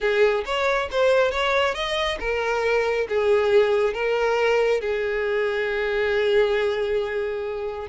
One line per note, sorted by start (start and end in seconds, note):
0.00 0.44 G#4
0.45 0.89 C#5
0.91 1.31 C5
1.31 1.74 C#5
1.74 2.18 D#5
2.19 3.07 A#4
3.08 3.93 G#4
3.93 4.81 A#4
4.81 7.87 G#4